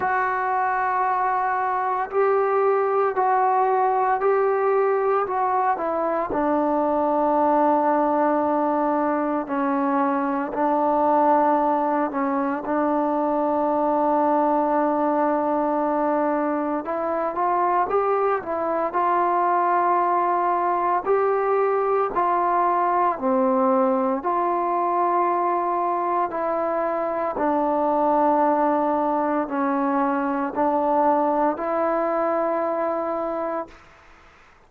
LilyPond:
\new Staff \with { instrumentName = "trombone" } { \time 4/4 \tempo 4 = 57 fis'2 g'4 fis'4 | g'4 fis'8 e'8 d'2~ | d'4 cis'4 d'4. cis'8 | d'1 |
e'8 f'8 g'8 e'8 f'2 | g'4 f'4 c'4 f'4~ | f'4 e'4 d'2 | cis'4 d'4 e'2 | }